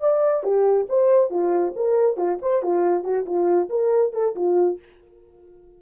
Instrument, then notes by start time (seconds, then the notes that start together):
horn
0.00 D5
0.43 G4
0.89 C5
1.30 F4
1.75 A#4
2.16 F4
2.41 C5
2.62 F4
3.03 F#4
3.25 F4
3.69 A#4
4.13 A4
4.35 F4